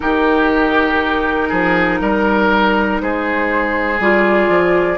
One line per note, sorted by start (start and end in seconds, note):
0.00 1.51 D#3
0.00 3.96 D#4
0.00 1.49 G4
0.00 2.99 A#4
1.49 2.00 F3
1.49 1.99 G#4
2.00 3.00 G3
2.00 3.01 A#4
3.00 3.99 G#3
3.00 4.97 G#4
3.00 4.00 C5
3.99 4.49 G3
3.99 4.97 F4
3.99 4.97 D5
4.49 4.97 F3